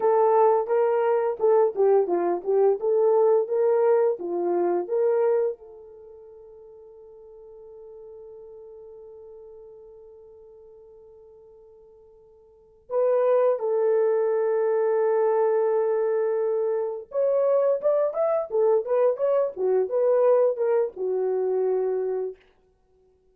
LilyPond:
\new Staff \with { instrumentName = "horn" } { \time 4/4 \tempo 4 = 86 a'4 ais'4 a'8 g'8 f'8 g'8 | a'4 ais'4 f'4 ais'4 | a'1~ | a'1~ |
a'2~ a'8 b'4 a'8~ | a'1~ | a'8 cis''4 d''8 e''8 a'8 b'8 cis''8 | fis'8 b'4 ais'8 fis'2 | }